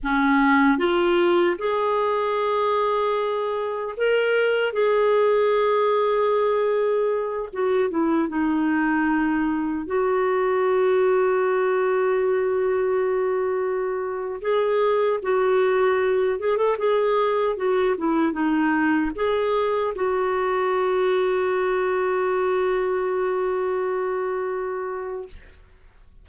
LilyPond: \new Staff \with { instrumentName = "clarinet" } { \time 4/4 \tempo 4 = 76 cis'4 f'4 gis'2~ | gis'4 ais'4 gis'2~ | gis'4. fis'8 e'8 dis'4.~ | dis'8 fis'2.~ fis'8~ |
fis'2~ fis'16 gis'4 fis'8.~ | fis'8. gis'16 a'16 gis'4 fis'8 e'8 dis'8.~ | dis'16 gis'4 fis'2~ fis'8.~ | fis'1 | }